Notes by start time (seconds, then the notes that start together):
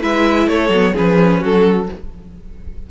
0.00 G#3 E4 B4 E5
0.47 A3 A4 C#5
0.69 F#3 B3
0.94 F3 C#4 G#4 B4
1.40 F#3 F#4 A4